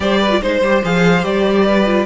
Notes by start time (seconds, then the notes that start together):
0.00 G3 G4 C5 D5
0.19 B4
0.30 F4
0.41 G#3 D#4 C5
0.61 G3 G4
0.83 F3 G#4 F5
1.22 G3 G4 D5
1.65 B4
1.86 F4